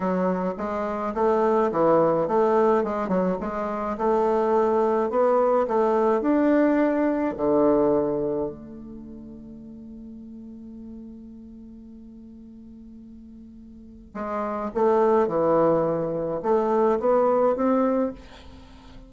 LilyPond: \new Staff \with { instrumentName = "bassoon" } { \time 4/4 \tempo 4 = 106 fis4 gis4 a4 e4 | a4 gis8 fis8 gis4 a4~ | a4 b4 a4 d'4~ | d'4 d2 a4~ |
a1~ | a1~ | a4 gis4 a4 e4~ | e4 a4 b4 c'4 | }